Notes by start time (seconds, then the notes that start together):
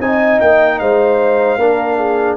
0.00 C4 D#4 D#5 G#5
0.41 A#3 G5
0.79 G#3 C5 F5
1.58 A#3 D4 A#4
1.98 G#4